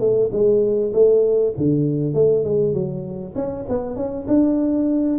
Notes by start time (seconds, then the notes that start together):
0.00 A3
0.32 G#3
0.93 A3
1.57 D3
2.14 A3
2.45 G#3
2.74 F#3
3.35 C#4
3.69 B3
3.96 C#4
4.28 D4